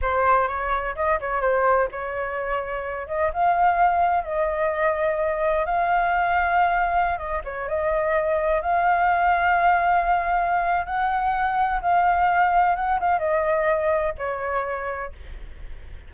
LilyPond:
\new Staff \with { instrumentName = "flute" } { \time 4/4 \tempo 4 = 127 c''4 cis''4 dis''8 cis''8 c''4 | cis''2~ cis''8 dis''8 f''4~ | f''4 dis''2. | f''2.~ f''16 dis''8 cis''16~ |
cis''16 dis''2 f''4.~ f''16~ | f''2. fis''4~ | fis''4 f''2 fis''8 f''8 | dis''2 cis''2 | }